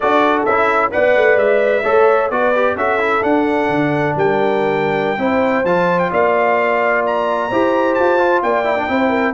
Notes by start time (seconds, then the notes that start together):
0.00 D4 F#4 A4 D5
0.44 C#4 E4 E5
0.91 B3 B4 D5 F#5
1.16 A3
1.36 G#3 E5
1.83 A3 A4 C#5
2.29 B3 F#4 B4 D5
2.55 G4
2.75 C#4 F#4 A4 E5
2.98 E4
3.21 D4 F#5
3.68 D3
4.15 G3 A#4 G5
5.18 C4 E4 C5
5.64 F3 F4 A5
5.99 G5
6.11 A#3 D5 F5
7.06 A#5
7.49 E4 G4 C5
7.94 F4 A5
8.18 F4
8.42 A#3 D5 G5
8.64 E4
8.76 D4
8.88 C4 E4 C5
9.09 A#4